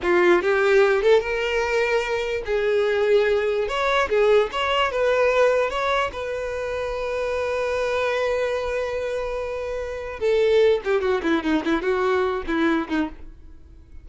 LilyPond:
\new Staff \with { instrumentName = "violin" } { \time 4/4 \tempo 4 = 147 f'4 g'4. a'8 ais'4~ | ais'2 gis'2~ | gis'4 cis''4 gis'4 cis''4 | b'2 cis''4 b'4~ |
b'1~ | b'1~ | b'4 a'4. g'8 fis'8 e'8 | dis'8 e'8 fis'4. e'4 dis'8 | }